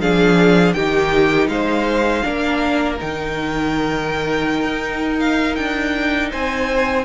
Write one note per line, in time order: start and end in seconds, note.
0.00 0.74 F3
0.00 0.75 D4
0.00 0.76 G#4
0.00 0.73 F5
0.73 1.48 D#3
0.73 2.23 D#4
0.73 1.50 G4
0.73 1.47 G5
1.48 2.22 G#3
1.48 2.25 C5
1.48 2.96 F5
2.23 3.00 A#3
2.23 2.97 D4
2.23 6.31 A#4
2.98 4.64 D#3
2.98 7.05 D#4
2.98 5.20 G5
4.64 5.57 D#4
5.20 5.55 F5
5.55 6.32 D4
5.55 6.29 G5
6.31 7.05 C4
6.31 7.05 C5
6.31 7.05 G#5